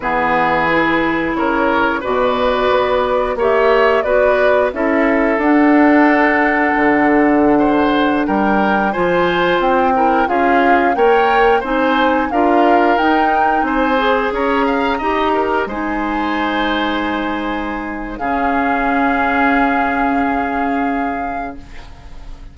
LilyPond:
<<
  \new Staff \with { instrumentName = "flute" } { \time 4/4 \tempo 4 = 89 b'2 cis''4 d''4~ | d''4 e''4 d''4 e''4 | fis''1~ | fis''16 g''4 gis''4 g''4 f''8.~ |
f''16 g''4 gis''4 f''4 g''8.~ | g''16 gis''4 ais''2 gis''8.~ | gis''2. f''4~ | f''1 | }
  \new Staff \with { instrumentName = "oboe" } { \time 4/4 gis'2 ais'4 b'4~ | b'4 cis''4 b'4 a'4~ | a'2.~ a'16 c''8.~ | c''16 ais'4 c''4. ais'8 gis'8.~ |
gis'16 cis''4 c''4 ais'4.~ ais'16~ | ais'16 c''4 cis''8 f''8 dis''8 ais'8 c''8.~ | c''2. gis'4~ | gis'1 | }
  \new Staff \with { instrumentName = "clarinet" } { \time 4/4 b4 e'2 fis'4~ | fis'4 g'4 fis'4 e'4 | d'1~ | d'4~ d'16 f'4. e'8 f'8.~ |
f'16 ais'4 dis'4 f'4 dis'8.~ | dis'8. gis'4. g'4 dis'8.~ | dis'2. cis'4~ | cis'1 | }
  \new Staff \with { instrumentName = "bassoon" } { \time 4/4 e2 cis4 b,4 | b4 ais4 b4 cis'4 | d'2 d2~ | d16 g4 f4 c'4 cis'8.~ |
cis'16 ais4 c'4 d'4 dis'8.~ | dis'16 c'4 cis'4 dis'4 gis8.~ | gis2. cis4~ | cis1 | }
>>